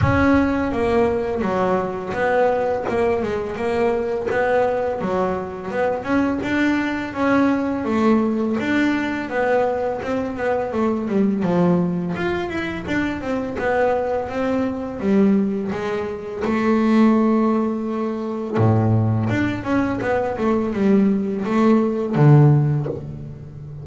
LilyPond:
\new Staff \with { instrumentName = "double bass" } { \time 4/4 \tempo 4 = 84 cis'4 ais4 fis4 b4 | ais8 gis8 ais4 b4 fis4 | b8 cis'8 d'4 cis'4 a4 | d'4 b4 c'8 b8 a8 g8 |
f4 f'8 e'8 d'8 c'8 b4 | c'4 g4 gis4 a4~ | a2 a,4 d'8 cis'8 | b8 a8 g4 a4 d4 | }